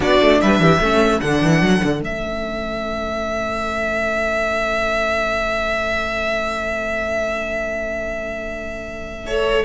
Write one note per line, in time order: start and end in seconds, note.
0.00 0.20 B3
0.00 0.80 D4
0.00 0.38 F#4
0.00 0.41 D5
0.20 0.41 A3
0.41 0.59 G3
0.41 0.62 B4
0.41 1.20 E5
0.59 0.79 E3
0.59 0.79 G4
0.79 1.20 A3
0.79 1.21 C#4
0.79 9.25 A4
1.20 1.42 D3
1.20 2.02 D4
1.20 2.01 F#5
1.42 1.61 E3
1.61 1.81 F#3
1.83 2.01 D3
2.01 9.65 A3
2.01 9.27 C#4
2.01 9.65 E5
9.26 9.65 A4
9.26 9.65 C#5